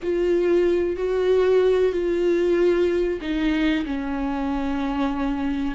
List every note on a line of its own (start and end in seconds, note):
0.02 0.96 F4
0.96 1.92 F#4
1.92 3.19 F4
3.21 3.85 D#4
3.85 5.74 C#4